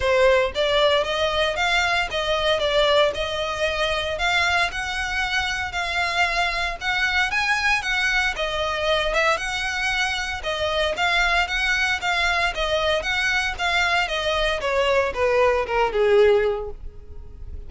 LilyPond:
\new Staff \with { instrumentName = "violin" } { \time 4/4 \tempo 4 = 115 c''4 d''4 dis''4 f''4 | dis''4 d''4 dis''2 | f''4 fis''2 f''4~ | f''4 fis''4 gis''4 fis''4 |
dis''4. e''8 fis''2 | dis''4 f''4 fis''4 f''4 | dis''4 fis''4 f''4 dis''4 | cis''4 b'4 ais'8 gis'4. | }